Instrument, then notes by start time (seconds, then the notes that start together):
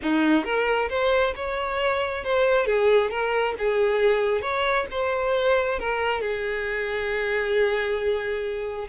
violin
0.02 D#4
0.44 A#4
0.89 C5
1.35 C#5
2.24 C5
2.65 G#4
3.10 A#4
3.58 G#4
4.41 C#5
4.90 C5
5.79 A#4
6.21 G#4